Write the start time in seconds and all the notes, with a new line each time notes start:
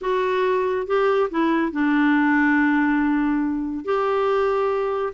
0.01 F#4
0.86 G4
1.30 E4
1.72 D4
3.84 G4